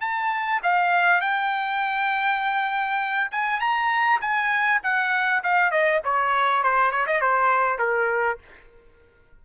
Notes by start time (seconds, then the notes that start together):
0.00 A5
0.63 F5
1.21 G5
3.31 G#5
3.60 A#5
4.21 G#5
4.83 F#5
5.43 F5
5.71 D#5
6.04 C#5
6.63 C5
6.91 C#5
7.06 D#5
7.21 C5
7.78 A#4